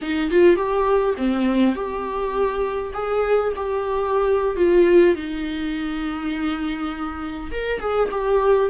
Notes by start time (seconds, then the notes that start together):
0.01 D#4
0.30 F4
0.56 G4
1.17 C4
1.75 G4
2.93 G#4
3.56 G4
4.56 F4
5.15 D#4
7.51 A#4
7.79 G#4
8.11 G4